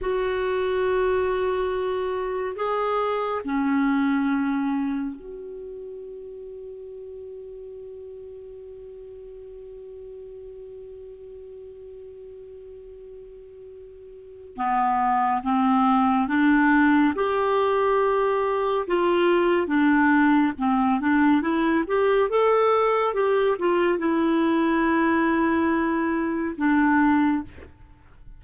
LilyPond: \new Staff \with { instrumentName = "clarinet" } { \time 4/4 \tempo 4 = 70 fis'2. gis'4 | cis'2 fis'2~ | fis'1~ | fis'1~ |
fis'4 b4 c'4 d'4 | g'2 f'4 d'4 | c'8 d'8 e'8 g'8 a'4 g'8 f'8 | e'2. d'4 | }